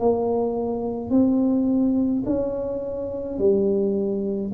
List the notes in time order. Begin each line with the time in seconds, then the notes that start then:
0.00 A#3
1.11 C4
2.26 C#4
3.39 G3